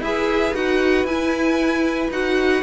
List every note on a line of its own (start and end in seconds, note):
0.00 0.52 E4
0.00 0.55 G#4
0.00 2.63 B4
0.00 0.55 E5
0.54 1.04 D#4
0.54 1.07 F#4
0.54 1.06 F#5
1.04 2.09 E4
1.04 2.12 E4
1.04 2.11 G#5
2.11 2.63 D#4
2.11 2.63 F#4
2.11 2.63 F#5